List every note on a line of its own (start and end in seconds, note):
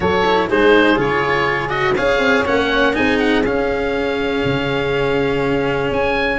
0.00 0.48 F#3
0.00 0.24 F#4
0.00 0.48 A4
0.00 0.49 C#5
0.25 0.50 E4
0.48 0.98 G#3
0.48 0.95 D#4
0.48 1.95 G#4
0.48 0.99 C5
0.95 1.96 C#3
0.95 1.69 F4
0.95 1.69 C#5
1.69 1.94 F#4
1.69 1.94 D#5
1.95 2.18 C#4
1.95 2.45 G#4
1.95 2.93 C#5
1.95 2.45 F5
2.18 2.42 C4
2.45 2.97 A#3
2.45 2.93 C#4
2.45 2.95 F#5
2.93 3.45 C4
2.93 3.42 D#4
2.93 6.39 G#4
2.93 3.18 G#5
3.18 3.43 F#5
3.44 4.43 C#4
3.44 6.39 C#4
3.44 5.90 F5
4.44 5.91 C#3
5.91 6.39 C#4
5.91 6.39 G#5